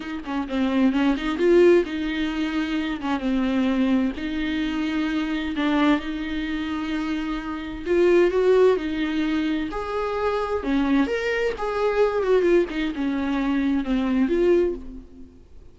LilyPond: \new Staff \with { instrumentName = "viola" } { \time 4/4 \tempo 4 = 130 dis'8 cis'8 c'4 cis'8 dis'8 f'4 | dis'2~ dis'8 cis'8 c'4~ | c'4 dis'2. | d'4 dis'2.~ |
dis'4 f'4 fis'4 dis'4~ | dis'4 gis'2 cis'4 | ais'4 gis'4. fis'8 f'8 dis'8 | cis'2 c'4 f'4 | }